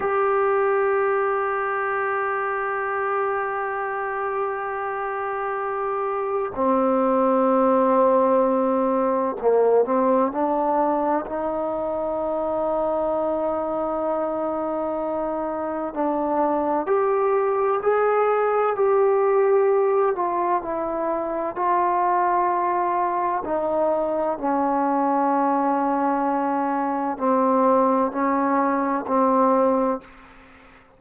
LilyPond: \new Staff \with { instrumentName = "trombone" } { \time 4/4 \tempo 4 = 64 g'1~ | g'2. c'4~ | c'2 ais8 c'8 d'4 | dis'1~ |
dis'4 d'4 g'4 gis'4 | g'4. f'8 e'4 f'4~ | f'4 dis'4 cis'2~ | cis'4 c'4 cis'4 c'4 | }